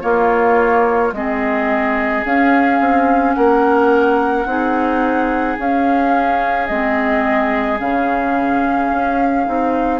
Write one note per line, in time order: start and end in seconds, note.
0.00 1.11 A#3
0.00 1.12 A#3
0.00 1.14 F4
0.00 1.12 C#5
1.12 2.23 G#3
1.12 2.25 C4
1.12 3.36 G#4
1.12 2.25 D#5
2.25 2.80 C#4
2.25 4.47 C#4
2.25 3.34 F5
2.80 3.36 C4
3.34 4.46 A#3
3.34 4.47 A#4
3.34 5.56 F#5
4.46 5.57 C4
4.46 5.58 D#4
4.46 10.00 G#4
5.59 6.69 C#4
5.59 6.67 F5
6.67 7.80 G#3
6.67 7.78 C4
6.67 7.78 D#5
7.78 8.91 C#3
7.78 9.45 C#4
7.78 10.00 F5
8.92 9.47 C#4
9.45 10.00 C4
9.45 10.00 D#4